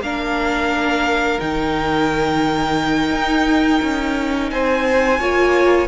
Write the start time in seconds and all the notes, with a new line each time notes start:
0.00 A#3 D4 A#4 F5
1.39 D#3 D#4 G5
3.11 D#4
3.82 C#4
4.50 C4 C5 G#5
5.19 A#3 F4 C#5